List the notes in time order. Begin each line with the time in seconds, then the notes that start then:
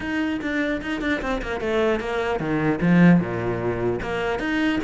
0.00 D#4
0.41 D4
0.81 D#4
1.01 D4
1.21 C4
1.42 A#3
1.60 A3
2.00 A#3
2.39 D#3
2.81 F3
3.19 A#2
4.01 A#3
4.39 D#4